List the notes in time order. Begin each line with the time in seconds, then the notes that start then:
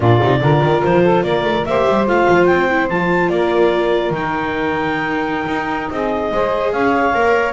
0.00 A#2 D4 F4 D5
0.21 C3 D#4
0.41 D3 F4 A#4
0.62 D#3
0.83 F3 C5
1.03 A4
1.23 A#3 A#4 D5
1.44 A3
1.65 A#3 G4 C5 E5
1.88 G3
2.06 A3 F4 F5
2.28 F3
2.45 C4 G5
2.69 E4
2.88 F3 F4 A5
3.29 A#3 A#4 D5
4.10 D#3 D#4 G5
5.47 D#4
5.90 C4 G#4 D#5
6.31 G#3 G#4 C5
6.72 C#4 C#5 F5
7.14 A#3 A#4